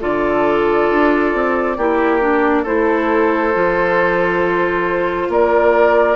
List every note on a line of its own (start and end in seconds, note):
0.00 0.90 D3
0.00 1.76 F4
0.00 1.77 A4
0.00 2.65 D5
0.90 1.34 D4
1.34 1.77 C4
1.77 2.65 A#3
1.77 2.20 E4
1.77 2.62 G4
2.20 2.64 D4
2.62 3.54 A3
2.62 3.53 E4
2.62 5.27 A4
2.62 5.30 C5
3.53 5.28 F3
3.53 6.16 F4
5.28 6.16 A#3
5.28 6.16 A#4
5.28 6.16 D5